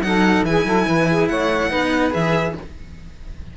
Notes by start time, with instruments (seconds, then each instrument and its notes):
0.00 cello F#3 D#4, saxophone A4, violin F#5
0.43 cello E3 E4, saxophone G#4, violin G#5
0.65 cello F#3, saxophone A4
0.86 cello E3, saxophone B4
1.10 saxophone G#4
1.28 cello A3, saxophone C#5, violin F#5
1.69 cello B3 D#4, saxophone B4
2.11 cello E3 G#4, violin E5